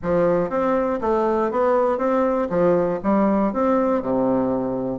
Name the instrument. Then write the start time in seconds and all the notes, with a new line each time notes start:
bassoon
0.02 F3
0.49 C4
1.01 A3
1.51 B3
1.97 C4
2.49 F3
3.02 G3
3.53 C4
4.01 C3